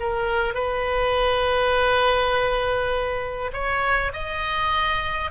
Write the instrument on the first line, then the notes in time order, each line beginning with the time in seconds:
oboe
0.00 A#4
0.55 B4
3.53 C#5
4.13 D#5